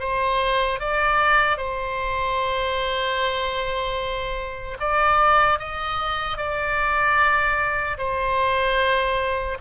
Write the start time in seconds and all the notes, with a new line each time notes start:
0.00 C5
0.80 D5
1.57 C5
4.80 D5
5.59 D#5
6.37 D5
7.98 C5